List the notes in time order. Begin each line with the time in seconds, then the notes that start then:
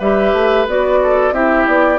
0.00 G3 G4 B4 E5
0.33 A3
0.67 B3 F#4 D5
1.03 A4
1.32 C4 E4 G4 E5
1.67 B3 D5